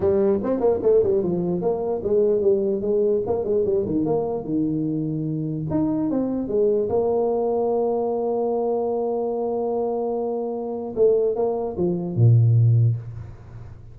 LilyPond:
\new Staff \with { instrumentName = "tuba" } { \time 4/4 \tempo 4 = 148 g4 c'8 ais8 a8 g8 f4 | ais4 gis4 g4 gis4 | ais8 gis8 g8 dis8 ais4 dis4~ | dis2 dis'4 c'4 |
gis4 ais2.~ | ais1~ | ais2. a4 | ais4 f4 ais,2 | }